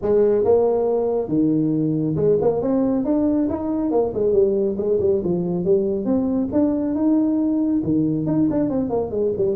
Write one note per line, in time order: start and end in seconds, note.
0.02 0.44 G#3
0.44 1.28 A#3
1.28 2.15 D#3
2.15 2.37 G#3
2.41 2.61 A#3
2.61 3.05 C4
3.05 3.48 D4
3.49 3.91 D#4
3.91 4.12 A#3
4.14 4.32 G#3
4.32 4.76 G3
4.77 4.99 G#3
5.00 5.22 G3
5.24 5.64 F3
5.64 6.05 G3
6.05 6.48 C4
6.52 6.94 D4
6.94 7.81 D#4
7.83 8.26 D#3
8.26 8.48 D#4
8.50 8.69 D4
8.69 8.89 C4
8.89 9.10 A#3
9.10 9.32 G#3
9.37 9.55 G3